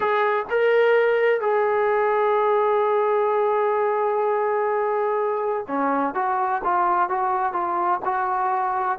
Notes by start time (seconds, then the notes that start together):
0.00 G#4
0.50 A#4
1.40 G#4
5.67 C#4
6.14 F#4
6.64 F4
7.09 F#4
7.52 F4
8.04 F#4